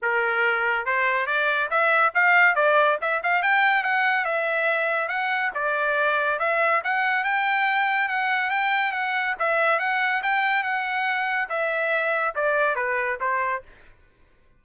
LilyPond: \new Staff \with { instrumentName = "trumpet" } { \time 4/4 \tempo 4 = 141 ais'2 c''4 d''4 | e''4 f''4 d''4 e''8 f''8 | g''4 fis''4 e''2 | fis''4 d''2 e''4 |
fis''4 g''2 fis''4 | g''4 fis''4 e''4 fis''4 | g''4 fis''2 e''4~ | e''4 d''4 b'4 c''4 | }